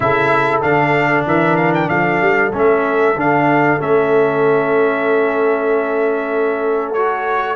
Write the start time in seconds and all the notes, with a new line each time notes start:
0.00 C#3 E4 A4 E5
0.62 D3 D4 F5
1.26 E3 A#4 E5
1.56 F5
1.74 G5
1.89 F3 A4 F5
2.21 G3
2.52 A3 C#4 E5
3.15 D3 D4 F5
3.79 A3 C#4 E5
6.93 F#4 C#5